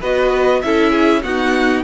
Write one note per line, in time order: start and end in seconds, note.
0.00 0.62 B3
0.00 0.63 F#4
0.00 0.61 B4
0.00 0.62 D#5
0.62 1.24 C#4
0.62 1.23 E4
0.62 0.91 A4
0.62 1.22 E5
0.91 1.21 G#4
1.22 1.83 B3
1.22 1.84 D#4
1.22 1.83 F#4
1.22 1.84 F#5